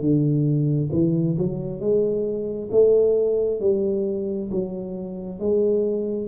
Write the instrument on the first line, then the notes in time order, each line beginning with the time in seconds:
tuba
0.00 D3
0.92 E3
1.38 F#3
1.80 G#3
2.71 A3
3.60 G3
4.51 F#3
5.39 G#3